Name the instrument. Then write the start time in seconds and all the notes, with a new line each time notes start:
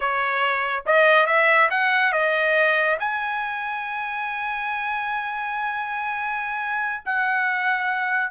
trumpet
0.00 C#5
0.85 D#5
1.26 E5
1.70 F#5
2.12 D#5
2.99 G#5
7.05 F#5